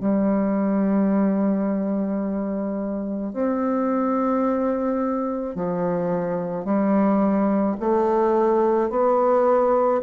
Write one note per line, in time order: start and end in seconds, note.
0.00 3.33 G3
3.33 5.56 C4
5.56 6.65 F3
6.65 7.76 G3
7.80 8.90 A3
8.90 10.02 B3